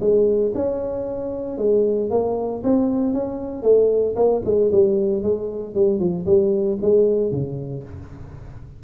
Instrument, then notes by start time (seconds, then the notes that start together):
tuba
0.00 G#3
0.55 C#4
1.58 G#3
2.10 A#3
2.63 C4
3.13 C#4
3.63 A3
4.15 A#3
4.45 G#3
4.72 G3
5.22 G#3
5.74 G3
5.99 F3
6.26 G3
6.81 G#3
7.31 C#3